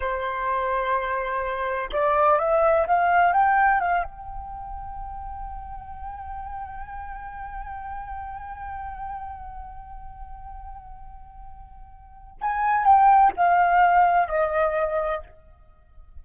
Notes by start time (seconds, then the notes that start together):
0.00 C5
1.92 D5
2.39 E5
2.87 F5
3.32 G5
3.80 F5
4.03 G5
12.41 G#5
12.85 G5
13.36 F5
14.27 D#5